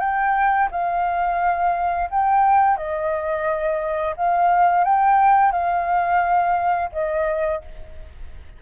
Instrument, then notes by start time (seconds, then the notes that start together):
flute
0.00 G5
0.71 F5
2.10 G5
2.77 D#5
4.17 F5
4.85 G5
5.52 F5
6.92 D#5